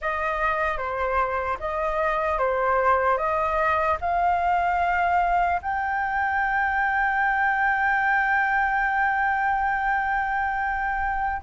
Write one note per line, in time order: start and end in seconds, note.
0.01 0.77 D#5
0.77 1.57 C5
1.59 2.38 D#5
2.38 3.17 C5
3.17 3.97 D#5
4.00 5.60 F5
5.61 11.41 G5